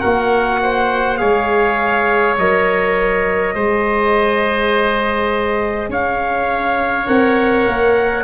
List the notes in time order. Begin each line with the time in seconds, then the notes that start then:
0.00 A#3 F#4 A#4 F#5
0.62 C5
1.17 G#3 G#4 C#5 F5
2.38 F#3 A#4 D#5
3.55 G#3 G#4 C5
5.89 C#4 C#5 F5
7.07 C4 A#4 F#5
7.67 A#3